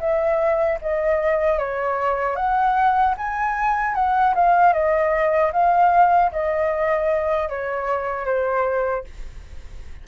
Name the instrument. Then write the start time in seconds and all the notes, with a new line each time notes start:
flute
0.00 E5
0.81 D#5
1.59 C#5
2.36 F#5
3.18 G#5
3.95 F#5
4.35 F5
4.73 D#5
5.53 F5
6.32 D#5
7.49 C#5
8.25 C5